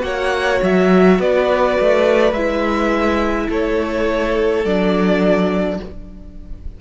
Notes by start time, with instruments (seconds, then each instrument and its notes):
0.00 cello A#3, viola F#4, violin C#5 F#5
0.62 cello F#3, violin E5
1.19 cello B3, violin B4 D5
1.80 cello A3
2.32 cello G#3, viola E4, violin E5
3.47 cello A3, violin A4 C#5
4.64 cello F#3, viola D4, violin D5